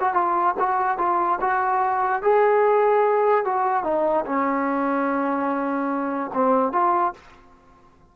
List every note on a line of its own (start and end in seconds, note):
0.00 0.14 F#4
0.14 0.55 F4
0.59 0.98 F#4
0.98 1.39 F4
1.41 2.22 F#4
2.22 3.45 G#4
3.45 3.84 F#4
3.84 4.25 D#4
4.26 6.31 C#4
6.33 6.72 C4
6.72 7.13 F4